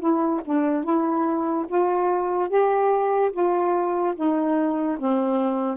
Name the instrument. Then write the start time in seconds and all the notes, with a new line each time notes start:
saxophone
0.00 E4
0.45 D4
0.84 E4
1.68 F4
2.49 G4
3.33 F4
4.16 D#4
4.99 C4